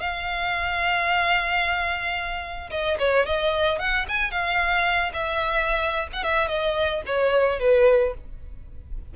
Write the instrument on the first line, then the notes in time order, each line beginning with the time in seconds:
violin
0.00 F5
2.71 D#5
2.99 C#5
3.26 D#5
3.79 F#5
4.09 G#5
4.31 F5
5.13 E5
6.13 F#5
6.23 E5
6.48 D#5
7.06 C#5
7.60 B4